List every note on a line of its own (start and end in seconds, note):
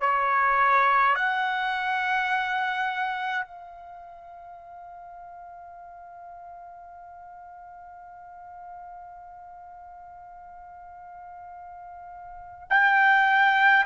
0.00 1.15 C#5
1.15 3.45 F#5
3.45 12.68 F5
12.70 13.85 G5